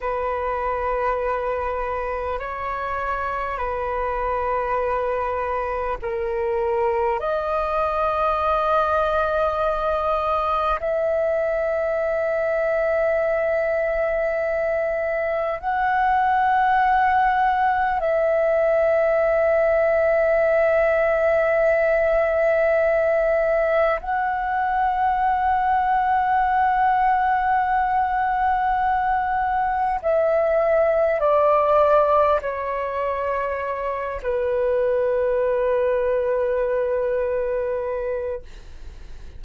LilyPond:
\new Staff \with { instrumentName = "flute" } { \time 4/4 \tempo 4 = 50 b'2 cis''4 b'4~ | b'4 ais'4 dis''2~ | dis''4 e''2.~ | e''4 fis''2 e''4~ |
e''1 | fis''1~ | fis''4 e''4 d''4 cis''4~ | cis''8 b'2.~ b'8 | }